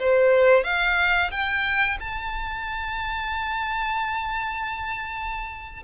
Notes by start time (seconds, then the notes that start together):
0.00 C5
0.64 F5
1.31 G5
2.00 A5